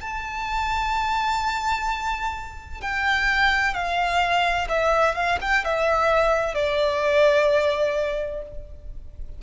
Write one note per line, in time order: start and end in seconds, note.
0.00 2.81 A5
2.81 3.73 G5
3.73 4.67 F5
4.69 5.14 E5
5.14 5.38 F5
5.41 5.64 G5
5.64 6.54 E5
6.54 8.42 D5